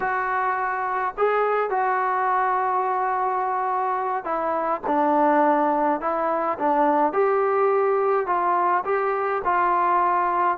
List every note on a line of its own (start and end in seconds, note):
0.00 1.14 F#4
1.17 1.70 G#4
1.70 4.24 F#4
4.24 4.81 E4
4.86 6.01 D4
6.01 6.58 E4
6.58 7.12 D4
7.12 8.26 G4
8.26 8.83 F4
8.84 9.41 G4
9.44 10.57 F4